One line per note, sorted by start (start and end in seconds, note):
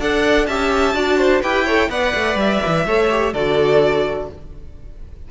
0.00 0.47 D4
0.00 0.48 A4
0.00 0.48 D5
0.00 0.46 F#5
0.46 0.94 C#4
0.46 0.94 G4
0.46 0.95 E5
0.46 1.41 A5
0.94 1.42 D4
0.94 1.42 F#4
0.94 1.18 D5
1.18 1.42 C5
1.42 1.89 E4
1.42 1.67 G4
1.42 1.65 B4
1.42 1.90 G5
1.65 1.89 A4
1.65 1.89 C#5
1.89 2.13 B3
1.89 2.85 B4
1.89 2.86 D5
1.89 2.38 F#5
2.15 2.35 A3
2.35 2.59 G3
2.35 3.34 E5
2.66 2.86 E3
2.86 3.33 A3
2.86 3.10 A4
2.86 3.33 C#5
3.10 3.34 G4
3.33 4.29 D3
3.33 4.31 F#4
3.33 4.28 A4
3.33 4.29 D5